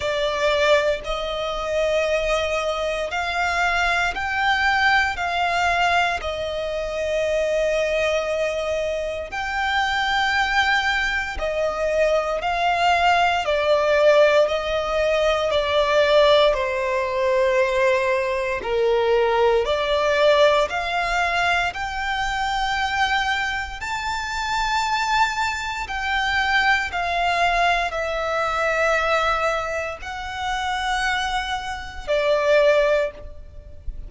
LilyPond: \new Staff \with { instrumentName = "violin" } { \time 4/4 \tempo 4 = 58 d''4 dis''2 f''4 | g''4 f''4 dis''2~ | dis''4 g''2 dis''4 | f''4 d''4 dis''4 d''4 |
c''2 ais'4 d''4 | f''4 g''2 a''4~ | a''4 g''4 f''4 e''4~ | e''4 fis''2 d''4 | }